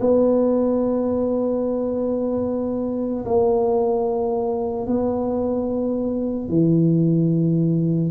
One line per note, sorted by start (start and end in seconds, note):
0.00 3.24 B3
3.25 4.86 A#3
4.86 6.48 B3
6.48 8.10 E3